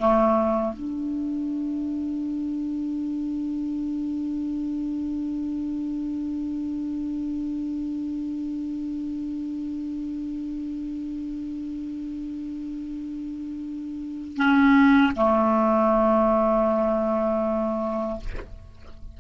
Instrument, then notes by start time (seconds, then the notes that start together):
clarinet
0.00 A3
0.74 D4
14.37 C#4
15.16 A3